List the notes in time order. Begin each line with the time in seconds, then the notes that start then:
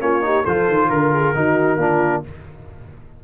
0.00 A#3 C#4 F4 C#5
0.22 D#4 G4
0.44 F3 F4 A4 C5
0.68 D#3
0.90 D3 A#4
1.13 G#4
1.35 D#3 D#4 F#4
1.77 A#3 D4 F4